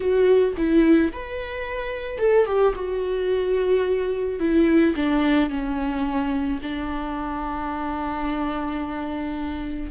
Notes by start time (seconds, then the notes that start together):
0.00 F#4
0.57 E4
1.12 B4
2.18 A4
2.45 G4
2.75 F#4
4.39 E4
4.95 D4
5.49 C#4
6.62 D4